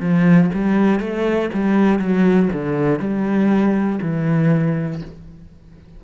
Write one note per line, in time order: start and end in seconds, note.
0.00 0.50 F3
0.54 1.00 G3
1.00 1.50 A3
1.54 1.99 G3
1.99 2.49 F#3
2.53 2.99 D3
2.99 3.99 G3
4.02 5.02 E3